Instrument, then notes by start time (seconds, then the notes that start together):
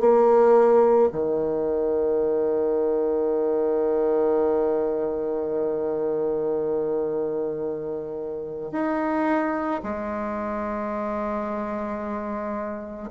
bassoon
0.00 A#3
1.12 D#3
8.72 D#4
9.83 G#3